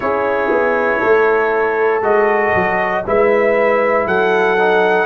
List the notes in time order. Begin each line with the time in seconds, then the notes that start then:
0.00 C#4 E4 G#4 C#5
0.50 B3
0.99 A3 A4
2.01 G#3 F#4 D#5
2.54 F#3
3.06 G#3 E4 B4 E5
4.06 F#3 A4 F#5
4.58 D#4